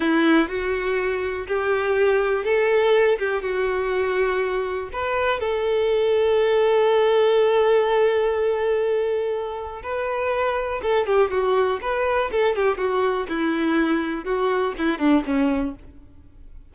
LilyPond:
\new Staff \with { instrumentName = "violin" } { \time 4/4 \tempo 4 = 122 e'4 fis'2 g'4~ | g'4 a'4. g'8 fis'4~ | fis'2 b'4 a'4~ | a'1~ |
a'1 | b'2 a'8 g'8 fis'4 | b'4 a'8 g'8 fis'4 e'4~ | e'4 fis'4 e'8 d'8 cis'4 | }